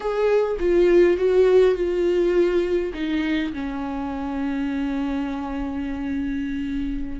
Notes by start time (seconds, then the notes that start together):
0.00 G#4
0.59 F4
1.17 F#4
1.75 F4
2.93 D#4
3.53 C#4